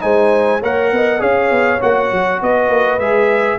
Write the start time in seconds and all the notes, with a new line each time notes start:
0.00 G#3 D#4 C5 G#5
0.60 A#3 A#4 C#5 F#5
0.92 B3 D#5
1.19 C#4 G#4 C#5 F5
1.50 B3
1.81 A#3 F#4 F#5
2.12 F#3
2.41 B3 B4 D#5
2.69 A#3
2.99 G#3 G#4 E5